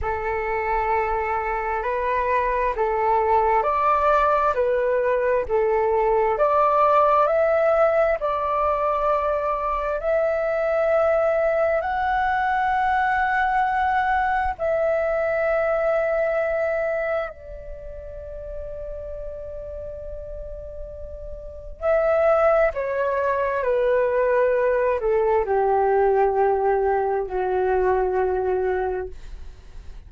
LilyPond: \new Staff \with { instrumentName = "flute" } { \time 4/4 \tempo 4 = 66 a'2 b'4 a'4 | d''4 b'4 a'4 d''4 | e''4 d''2 e''4~ | e''4 fis''2. |
e''2. d''4~ | d''1 | e''4 cis''4 b'4. a'8 | g'2 fis'2 | }